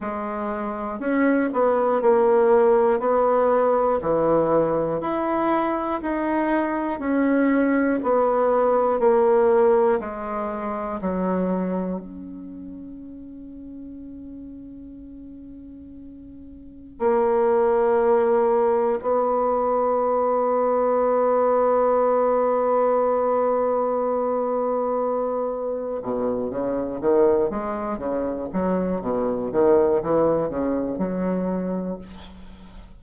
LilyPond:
\new Staff \with { instrumentName = "bassoon" } { \time 4/4 \tempo 4 = 60 gis4 cis'8 b8 ais4 b4 | e4 e'4 dis'4 cis'4 | b4 ais4 gis4 fis4 | cis'1~ |
cis'4 ais2 b4~ | b1~ | b2 b,8 cis8 dis8 gis8 | cis8 fis8 b,8 dis8 e8 cis8 fis4 | }